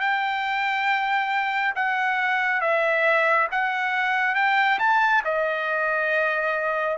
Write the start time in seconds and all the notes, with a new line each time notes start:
0.00 G5
1.75 F#5
2.60 E5
3.51 F#5
4.35 G5
4.79 A5
5.24 D#5